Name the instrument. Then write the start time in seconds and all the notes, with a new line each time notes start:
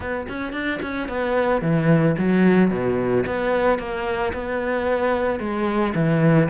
cello
0.00 B3
0.28 C#4
0.52 D4
0.82 C#4
1.08 B3
1.61 E3
2.18 F#3
2.70 B2
3.26 B3
3.78 A#3
4.33 B3
5.39 G#3
5.94 E3